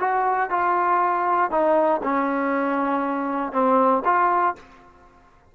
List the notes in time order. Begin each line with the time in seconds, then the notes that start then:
0.00 F#4
0.50 F4
1.51 D#4
2.03 C#4
3.52 C4
4.05 F4